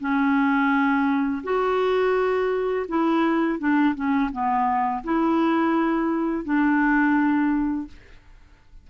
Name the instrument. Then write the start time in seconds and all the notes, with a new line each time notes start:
clarinet
0.00 C#4
1.44 F#4
2.88 E4
3.59 D4
3.95 C#4
4.32 B3
5.04 E4
6.44 D4